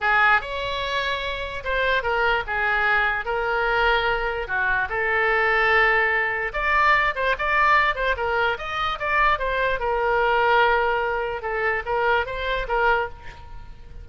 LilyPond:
\new Staff \with { instrumentName = "oboe" } { \time 4/4 \tempo 4 = 147 gis'4 cis''2. | c''4 ais'4 gis'2 | ais'2. fis'4 | a'1 |
d''4. c''8 d''4. c''8 | ais'4 dis''4 d''4 c''4 | ais'1 | a'4 ais'4 c''4 ais'4 | }